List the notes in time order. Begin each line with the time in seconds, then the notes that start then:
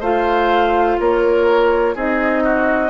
0.00 A3 F4 C5 F5
0.99 A#3 A#4 C#5
1.95 C4 D#4 G#4 D#5
2.44 F#4